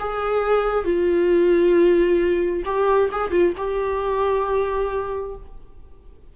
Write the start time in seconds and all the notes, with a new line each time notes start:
0.00 G#4
0.85 F4
2.66 G4
3.12 G#4
3.32 F4
3.57 G4